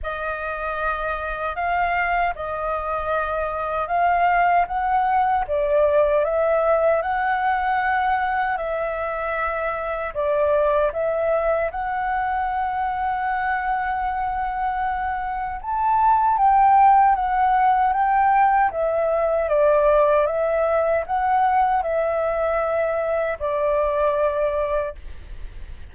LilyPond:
\new Staff \with { instrumentName = "flute" } { \time 4/4 \tempo 4 = 77 dis''2 f''4 dis''4~ | dis''4 f''4 fis''4 d''4 | e''4 fis''2 e''4~ | e''4 d''4 e''4 fis''4~ |
fis''1 | a''4 g''4 fis''4 g''4 | e''4 d''4 e''4 fis''4 | e''2 d''2 | }